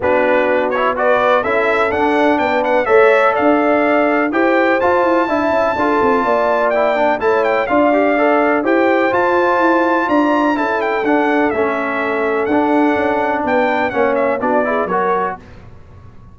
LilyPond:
<<
  \new Staff \with { instrumentName = "trumpet" } { \time 4/4 \tempo 4 = 125 b'4. cis''8 d''4 e''4 | fis''4 g''8 fis''8 e''4 f''4~ | f''4 g''4 a''2~ | a''2 g''4 a''8 g''8 |
f''2 g''4 a''4~ | a''4 ais''4 a''8 g''8 fis''4 | e''2 fis''2 | g''4 fis''8 e''8 d''4 cis''4 | }
  \new Staff \with { instrumentName = "horn" } { \time 4/4 fis'2 b'4 a'4~ | a'4 b'4 cis''4 d''4~ | d''4 c''2 e''4 | a'4 d''2 cis''4 |
d''2 c''2~ | c''4 d''4 a'2~ | a'1 | b'4 cis''4 fis'8 gis'8 ais'4 | }
  \new Staff \with { instrumentName = "trombone" } { \time 4/4 d'4. e'8 fis'4 e'4 | d'2 a'2~ | a'4 g'4 f'4 e'4 | f'2 e'8 d'8 e'4 |
f'8 g'8 a'4 g'4 f'4~ | f'2 e'4 d'4 | cis'2 d'2~ | d'4 cis'4 d'8 e'8 fis'4 | }
  \new Staff \with { instrumentName = "tuba" } { \time 4/4 b2. cis'4 | d'4 b4 a4 d'4~ | d'4 e'4 f'8 e'8 d'8 cis'8 | d'8 c'8 ais2 a4 |
d'2 e'4 f'4 | e'4 d'4 cis'4 d'4 | a2 d'4 cis'4 | b4 ais4 b4 fis4 | }
>>